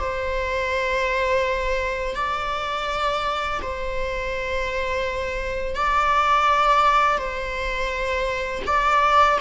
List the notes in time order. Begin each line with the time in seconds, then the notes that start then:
0.00 C5
2.16 D5
3.62 C5
5.76 D5
7.18 C5
8.67 D5